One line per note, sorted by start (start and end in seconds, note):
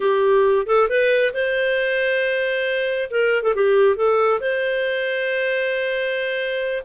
0.00 0.66 G4
0.66 0.88 A4
0.89 1.33 B4
1.33 3.10 C5
3.10 3.43 A#4
3.43 3.54 A4
3.54 3.96 G4
3.96 4.40 A4
4.40 6.83 C5